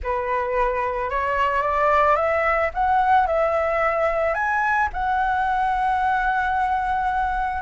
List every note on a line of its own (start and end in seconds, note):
0.03 1.10 B4
1.10 1.61 C#5
1.61 2.15 D5
2.15 2.70 E5
2.74 3.27 F#5
3.27 4.34 E5
4.34 4.88 G#5
4.93 7.62 F#5